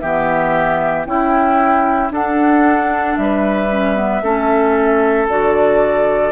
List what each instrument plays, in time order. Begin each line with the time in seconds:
0.00 bassoon E3, clarinet B3, oboe G4, flute E5
1.06 bassoon C#4, clarinet E4, oboe E4, flute G5
2.09 clarinet D4, bassoon D4, oboe A4, flute F#5
3.16 bassoon G3, oboe B4, flute E5
3.71 clarinet C#4
3.95 clarinet B3
4.22 bassoon A3, clarinet C#4, oboe A4
5.29 bassoon D3, clarinet F#4, flute D5